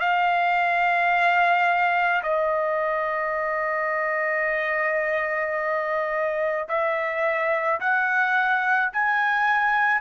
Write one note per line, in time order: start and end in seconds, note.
0.00 2.22 F5
2.24 6.68 D#5
6.69 7.80 E5
7.80 8.91 F#5
8.93 10.02 G#5